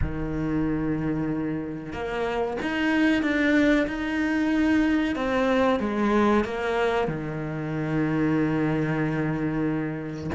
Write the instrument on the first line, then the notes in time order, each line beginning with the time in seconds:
cello
0.01 D#3
1.92 A#3
2.61 D#4
3.22 D4
3.87 D#4
5.15 C4
5.79 G#3
6.44 A#3
7.07 D#3